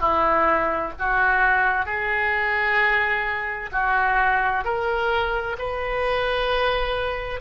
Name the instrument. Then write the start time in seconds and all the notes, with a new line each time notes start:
oboe
0.00 E4
0.99 F#4
1.85 G#4
3.72 F#4
4.64 A#4
5.58 B4